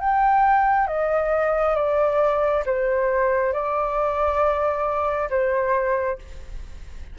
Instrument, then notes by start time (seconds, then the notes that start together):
flute
0.00 G5
0.87 D#5
1.75 D5
2.65 C5
3.53 D5
5.30 C5